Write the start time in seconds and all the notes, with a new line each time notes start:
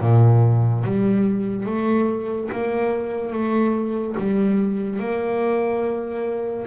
0.00 A#2
0.84 G3
1.66 A3
2.52 A#3
3.32 A3
4.17 G3
4.99 A#3